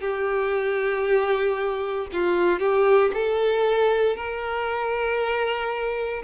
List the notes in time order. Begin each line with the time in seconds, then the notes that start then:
0.00 G4
2.12 F4
2.59 G4
3.13 A4
4.16 A#4